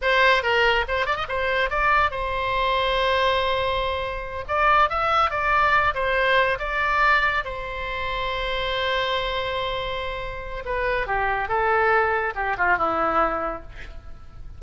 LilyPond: \new Staff \with { instrumentName = "oboe" } { \time 4/4 \tempo 4 = 141 c''4 ais'4 c''8 d''16 dis''16 c''4 | d''4 c''2.~ | c''2~ c''8 d''4 e''8~ | e''8 d''4. c''4. d''8~ |
d''4. c''2~ c''8~ | c''1~ | c''4 b'4 g'4 a'4~ | a'4 g'8 f'8 e'2 | }